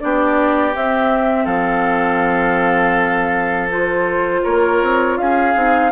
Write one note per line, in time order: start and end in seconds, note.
0.00 0.75 B3
0.00 0.74 D4
0.00 1.45 G4
0.00 0.75 D5
0.74 3.71 C4
0.74 1.46 C4
0.74 1.46 E5
1.45 4.42 F3
1.45 4.41 A4
1.45 3.68 F5
3.71 5.55 F4
3.71 4.44 C5
4.44 4.82 A#3
4.44 5.18 A#4
4.44 5.18 C#5
4.82 5.18 C4
5.18 5.55 C#4
5.18 5.92 G#4
5.18 5.92 F5
5.55 5.92 C4
5.55 5.92 D#4